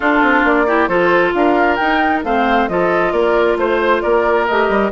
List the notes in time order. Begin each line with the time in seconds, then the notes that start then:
0.00 D4 F4 A4
0.22 C4
0.44 A#3 D5
0.67 E4 G4
0.87 F3 F4 A4 C5
1.33 D4 A#4 F5
1.75 D#4 G5
2.23 A3 C4 C5 F5
2.68 F3 F4 A4 D#5
3.12 A#3 A#4 D5
3.56 A3 C5
4.01 A#3 A#4 D5
4.47 A3 G4 D#5
4.69 G3